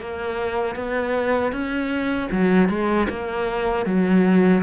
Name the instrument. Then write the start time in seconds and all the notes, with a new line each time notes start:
cello
0.00 A#3
0.75 B3
1.52 C#4
2.31 F#3
2.69 G#3
3.09 A#3
3.86 F#3